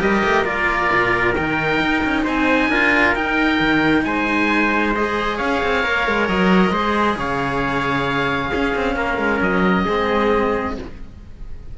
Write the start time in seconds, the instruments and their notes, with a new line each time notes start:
0.00 cello G3 G4, trumpet A#4, oboe D#5
0.25 cello A3
0.45 cello A#3 F4, oboe D5
0.93 cello A#2
1.36 cello D#3 D#4, oboe G5
1.81 cello D#4
2.04 cello C#4
2.24 cello C4, trumpet C5, oboe G#5
2.69 cello D4 F4, trumpet A#4
3.14 cello D#4, oboe G5
3.60 cello D#3
4.05 cello G#3, trumpet C5, oboe G#5
4.95 cello G#4, oboe D#5
5.37 cello C#4, trumpet C#5, oboe F5
5.63 cello C4
5.84 cello A#3 A#4
6.08 cello G#3
6.29 cello F#3, oboe D#5
6.71 cello G#3 G#4, trumpet C5
7.17 cello C#3, trumpet C#5, oboe F5
8.51 cello C#4, trumpet G#4
8.76 cello C4
8.96 cello A#3, trumpet A#4
9.18 cello G#3
9.41 cello F#3, oboe D#5
9.86 cello G#3 C4, trumpet G#4